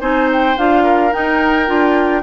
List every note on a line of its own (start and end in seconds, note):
0.00 0.56 C4
0.00 0.56 D#4
0.00 0.83 C5
0.00 0.29 G#5
0.32 0.57 G5
0.57 1.12 D4
0.57 1.11 F4
0.57 1.13 F5
0.83 2.22 A#4
1.11 1.66 D#4
1.11 1.68 D#4
1.11 2.22 G5
1.66 2.22 D4
1.66 2.22 F4